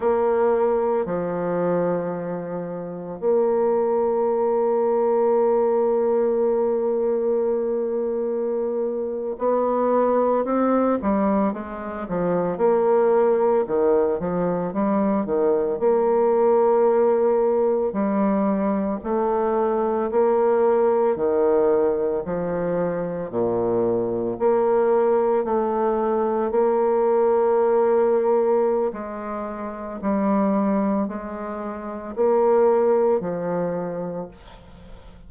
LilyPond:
\new Staff \with { instrumentName = "bassoon" } { \time 4/4 \tempo 4 = 56 ais4 f2 ais4~ | ais1~ | ais8. b4 c'8 g8 gis8 f8 ais16~ | ais8. dis8 f8 g8 dis8 ais4~ ais16~ |
ais8. g4 a4 ais4 dis16~ | dis8. f4 ais,4 ais4 a16~ | a8. ais2~ ais16 gis4 | g4 gis4 ais4 f4 | }